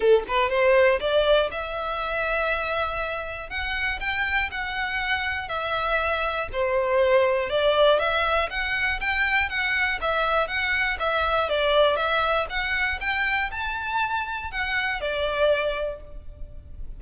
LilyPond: \new Staff \with { instrumentName = "violin" } { \time 4/4 \tempo 4 = 120 a'8 b'8 c''4 d''4 e''4~ | e''2. fis''4 | g''4 fis''2 e''4~ | e''4 c''2 d''4 |
e''4 fis''4 g''4 fis''4 | e''4 fis''4 e''4 d''4 | e''4 fis''4 g''4 a''4~ | a''4 fis''4 d''2 | }